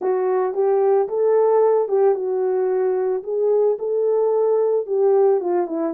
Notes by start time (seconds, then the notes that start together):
0.01 F#4
0.54 G4
1.08 A4
1.88 G4
2.14 F#4
3.23 G#4
3.78 A4
4.86 G4
5.40 F4
5.66 E4